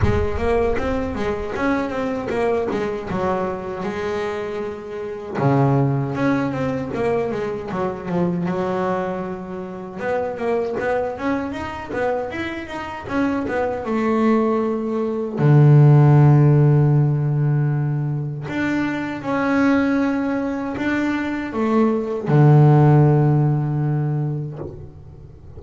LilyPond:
\new Staff \with { instrumentName = "double bass" } { \time 4/4 \tempo 4 = 78 gis8 ais8 c'8 gis8 cis'8 c'8 ais8 gis8 | fis4 gis2 cis4 | cis'8 c'8 ais8 gis8 fis8 f8 fis4~ | fis4 b8 ais8 b8 cis'8 dis'8 b8 |
e'8 dis'8 cis'8 b8 a2 | d1 | d'4 cis'2 d'4 | a4 d2. | }